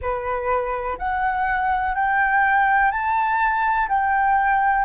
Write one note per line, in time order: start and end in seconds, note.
0.01 0.98 B4
0.98 1.95 F#5
1.95 2.91 G5
2.91 3.88 A5
3.88 4.84 G5